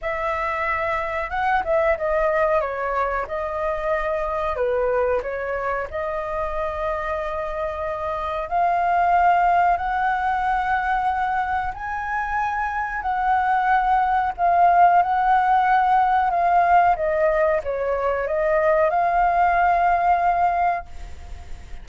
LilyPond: \new Staff \with { instrumentName = "flute" } { \time 4/4 \tempo 4 = 92 e''2 fis''8 e''8 dis''4 | cis''4 dis''2 b'4 | cis''4 dis''2.~ | dis''4 f''2 fis''4~ |
fis''2 gis''2 | fis''2 f''4 fis''4~ | fis''4 f''4 dis''4 cis''4 | dis''4 f''2. | }